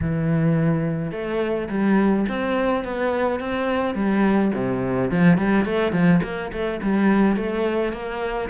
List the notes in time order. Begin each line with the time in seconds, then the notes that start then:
0.01 E3
1.11 A3
1.69 G3
2.28 C4
2.84 B3
3.40 C4
3.94 G3
4.54 C3
5.10 F3
5.37 G3
5.65 A3
5.92 F3
6.23 A#3
6.52 A3
6.82 G3
7.36 A3
7.92 A#3